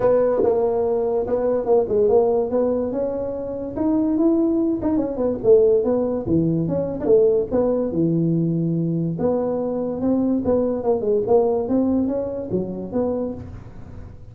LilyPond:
\new Staff \with { instrumentName = "tuba" } { \time 4/4 \tempo 4 = 144 b4 ais2 b4 | ais8 gis8 ais4 b4 cis'4~ | cis'4 dis'4 e'4. dis'8 | cis'8 b8 a4 b4 e4 |
cis'8. d'16 a4 b4 e4~ | e2 b2 | c'4 b4 ais8 gis8 ais4 | c'4 cis'4 fis4 b4 | }